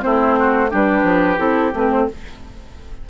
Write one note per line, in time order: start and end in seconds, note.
0.00 0.72 A3
0.00 0.68 C4
0.00 0.38 E4
0.00 0.70 C5
0.38 0.70 F#4
0.70 1.02 G3
0.70 1.37 D4
0.70 2.06 G4
0.70 1.38 B4
1.02 1.37 F3
1.37 1.72 C4
1.37 1.71 E4
1.37 1.72 A4
1.73 2.07 A3
1.73 2.09 C4
1.73 1.90 B4
1.90 2.07 C5